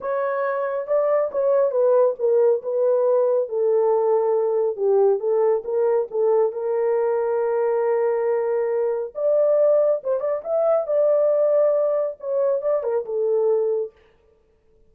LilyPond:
\new Staff \with { instrumentName = "horn" } { \time 4/4 \tempo 4 = 138 cis''2 d''4 cis''4 | b'4 ais'4 b'2 | a'2. g'4 | a'4 ais'4 a'4 ais'4~ |
ais'1~ | ais'4 d''2 c''8 d''8 | e''4 d''2. | cis''4 d''8 ais'8 a'2 | }